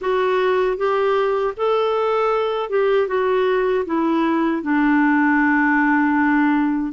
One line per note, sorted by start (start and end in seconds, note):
0.01 0.77 F#4
0.77 1.54 G4
1.57 2.69 A4
2.69 3.07 G4
3.07 3.84 F#4
3.85 4.62 E4
4.62 6.92 D4